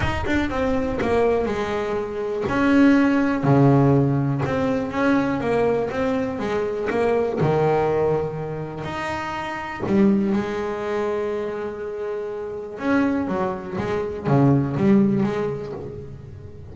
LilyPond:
\new Staff \with { instrumentName = "double bass" } { \time 4/4 \tempo 4 = 122 dis'8 d'8 c'4 ais4 gis4~ | gis4 cis'2 cis4~ | cis4 c'4 cis'4 ais4 | c'4 gis4 ais4 dis4~ |
dis2 dis'2 | g4 gis2.~ | gis2 cis'4 fis4 | gis4 cis4 g4 gis4 | }